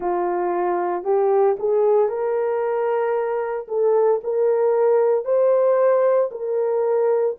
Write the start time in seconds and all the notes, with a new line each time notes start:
0.00 F4
1.03 G4
1.59 G#4
2.09 A#4
3.68 A4
4.23 A#4
5.24 C5
6.31 A#4